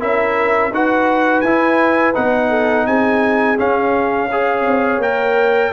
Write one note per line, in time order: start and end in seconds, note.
0.00 0.71 C#4
0.00 0.72 E4
0.00 0.71 A#4
0.00 0.73 E5
0.71 1.42 D#4
0.71 1.45 F#4
0.71 2.49 B4
0.71 1.41 F#5
1.41 2.15 E4
1.41 2.13 G#5
2.15 2.86 B3
2.15 3.57 D#4
2.15 2.86 F#5
2.49 2.85 A4
2.86 3.58 C4
2.86 4.31 G#4
2.86 3.58 G#5
3.59 4.30 C#4
3.59 4.67 C#4
3.59 5.02 F5
4.31 5.02 G#4
4.31 5.73 C#5
4.67 4.98 C4
4.98 5.70 A#3
4.98 5.73 A#4
4.98 5.73 G5